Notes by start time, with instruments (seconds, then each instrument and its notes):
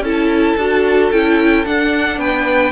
0.00 cello C#4, viola E4, violin A4 A5
0.57 cello D4, viola F#4
1.11 cello C#4, viola E4, violin G5
1.65 viola D4, cello D4, violin F#5
2.18 cello B3, violin B4 G5